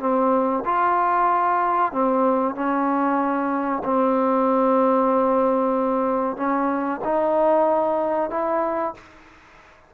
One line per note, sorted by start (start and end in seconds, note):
0.00 0.64 C4
0.65 1.92 F4
1.92 2.55 C4
2.55 3.83 C#4
3.85 6.37 C4
6.37 7.01 C#4
7.04 8.30 D#4
8.30 8.94 E4